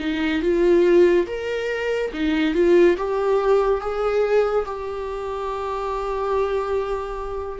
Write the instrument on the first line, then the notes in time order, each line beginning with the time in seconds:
viola
0.00 D#4
0.42 F4
1.27 A#4
2.14 D#4
2.55 F4
2.98 G4
3.81 G#4
4.66 G4